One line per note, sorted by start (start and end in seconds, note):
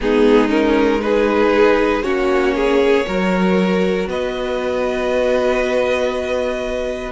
0.00 2.04 G#3
0.00 0.48 B3
0.00 1.03 D#4
0.00 0.50 G#4
0.48 0.99 C#4
0.48 1.01 A#4
1.01 2.03 D#4
1.01 2.03 G#4
1.01 2.03 B4
2.03 3.06 A#3
2.03 3.05 C#4
2.03 2.54 F#4
2.03 4.06 C#5
2.55 3.06 G#4
3.05 4.07 F#3
3.05 7.11 F#4
3.05 4.08 A#4
4.07 7.11 B3
4.07 7.11 B4
4.07 7.11 D#5